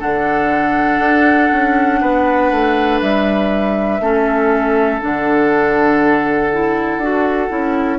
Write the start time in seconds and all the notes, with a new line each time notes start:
0.00 D3 D4 A4 F#5
0.99 D4
1.52 C#4
2.01 B3 B4
2.52 A3
3.01 G3 E5
4.00 A3 C#4 A4
5.00 D3 D4 F#5
6.53 E4
6.97 D4 F#4
7.50 C#4 E4